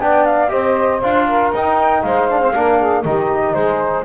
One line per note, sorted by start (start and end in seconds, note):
0.00 0.51 B3
0.00 0.48 D4
0.00 0.50 D5
0.00 0.25 G5
0.25 0.50 F5
0.48 1.02 C4
0.48 0.99 G4
0.48 1.26 C5
0.48 1.00 D#5
1.02 1.51 D4
1.02 1.53 F4
1.02 1.52 F5
1.26 2.03 A#4
1.51 2.02 D#4
1.51 2.30 D#4
1.51 2.02 G5
2.02 2.54 G#3
2.02 2.54 C5
2.02 3.04 F5
2.30 2.40 D4
2.40 2.53 C4
2.54 3.04 A#3
2.54 3.04 D4
2.54 2.78 A#4
2.78 3.03 G#4
3.04 3.55 D#3
3.04 4.04 D#4
3.04 3.56 G4
3.04 3.54 D#5
3.54 4.04 G#3
3.54 4.04 G#4
3.54 4.04 C5